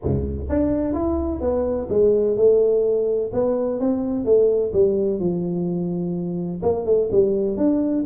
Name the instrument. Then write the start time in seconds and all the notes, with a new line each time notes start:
tuba
0.03 C#2
0.49 D4
0.93 E4
1.40 B3
1.89 G#3
2.36 A3
3.33 B3
3.80 C4
4.25 A3
4.73 G3
5.19 F3
6.62 A#3
6.85 A3
7.11 G3
7.57 D4